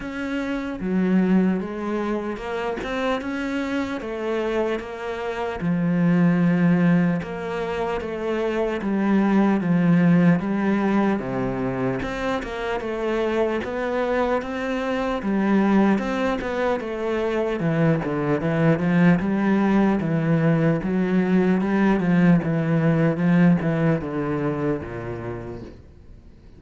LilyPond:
\new Staff \with { instrumentName = "cello" } { \time 4/4 \tempo 4 = 75 cis'4 fis4 gis4 ais8 c'8 | cis'4 a4 ais4 f4~ | f4 ais4 a4 g4 | f4 g4 c4 c'8 ais8 |
a4 b4 c'4 g4 | c'8 b8 a4 e8 d8 e8 f8 | g4 e4 fis4 g8 f8 | e4 f8 e8 d4 ais,4 | }